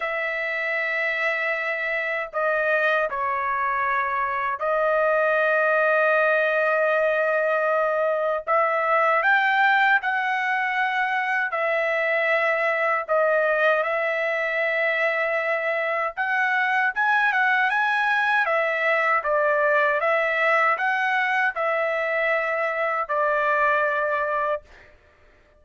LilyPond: \new Staff \with { instrumentName = "trumpet" } { \time 4/4 \tempo 4 = 78 e''2. dis''4 | cis''2 dis''2~ | dis''2. e''4 | g''4 fis''2 e''4~ |
e''4 dis''4 e''2~ | e''4 fis''4 gis''8 fis''8 gis''4 | e''4 d''4 e''4 fis''4 | e''2 d''2 | }